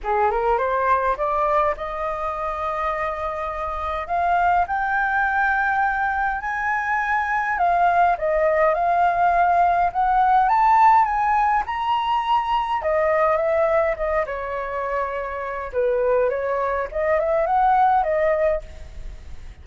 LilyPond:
\new Staff \with { instrumentName = "flute" } { \time 4/4 \tempo 4 = 103 gis'8 ais'8 c''4 d''4 dis''4~ | dis''2. f''4 | g''2. gis''4~ | gis''4 f''4 dis''4 f''4~ |
f''4 fis''4 a''4 gis''4 | ais''2 dis''4 e''4 | dis''8 cis''2~ cis''8 b'4 | cis''4 dis''8 e''8 fis''4 dis''4 | }